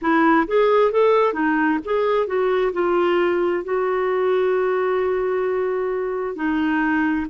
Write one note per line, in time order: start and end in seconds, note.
0.01 0.47 E4
0.47 0.91 G#4
0.91 1.33 A4
1.33 1.78 D#4
1.84 2.26 G#4
2.26 2.72 F#4
2.73 3.64 F4
3.64 6.35 F#4
6.35 7.26 D#4